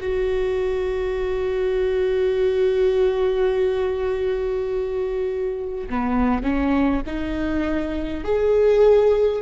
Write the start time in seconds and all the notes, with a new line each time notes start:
0.00 F#4
5.89 B3
6.43 C#4
7.06 D#4
8.24 G#4